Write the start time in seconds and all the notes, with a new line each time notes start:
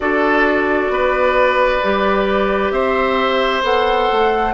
0.00 D4 F#4 A4 D5
0.89 B3 B4
1.83 G3 G4
2.70 C4 C5 E5
3.62 B3 A4 F#5
4.11 A3